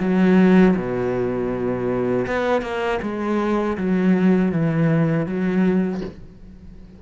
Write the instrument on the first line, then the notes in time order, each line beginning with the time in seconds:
cello
0.00 F#3
0.76 B2
2.27 B3
2.62 A#3
3.02 G#3
3.78 F#3
4.52 E3
5.26 F#3